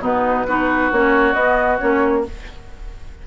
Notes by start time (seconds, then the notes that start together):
0.00 B2 B3 D#4 B4
0.47 B3 D#4 F#4
0.92 A#3 C#4 C#5
1.33 B3 D#5
1.79 A#3 C#4 C#5